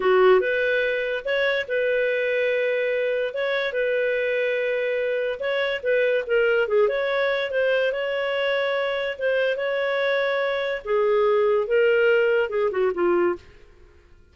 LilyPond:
\new Staff \with { instrumentName = "clarinet" } { \time 4/4 \tempo 4 = 144 fis'4 b'2 cis''4 | b'1 | cis''4 b'2.~ | b'4 cis''4 b'4 ais'4 |
gis'8 cis''4. c''4 cis''4~ | cis''2 c''4 cis''4~ | cis''2 gis'2 | ais'2 gis'8 fis'8 f'4 | }